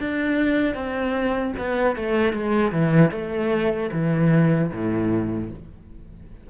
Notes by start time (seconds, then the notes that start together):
0.00 D4
0.75 C4
1.58 B3
1.96 A3
2.33 G#3
2.72 E3
3.11 A3
3.92 E3
4.72 A2